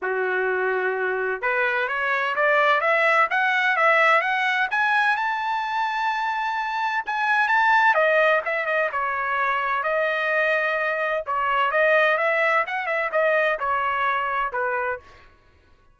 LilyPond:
\new Staff \with { instrumentName = "trumpet" } { \time 4/4 \tempo 4 = 128 fis'2. b'4 | cis''4 d''4 e''4 fis''4 | e''4 fis''4 gis''4 a''4~ | a''2. gis''4 |
a''4 dis''4 e''8 dis''8 cis''4~ | cis''4 dis''2. | cis''4 dis''4 e''4 fis''8 e''8 | dis''4 cis''2 b'4 | }